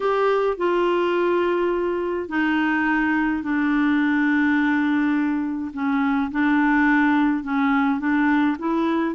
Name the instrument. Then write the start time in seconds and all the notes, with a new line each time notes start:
clarinet
0.00 G4
0.57 F4
2.29 D#4
3.43 D4
5.73 C#4
6.31 D4
7.43 C#4
7.99 D4
8.58 E4